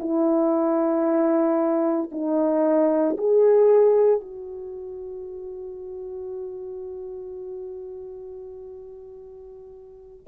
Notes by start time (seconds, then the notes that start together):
0.00 E4
2.12 D#4
3.18 G#4
4.21 F#4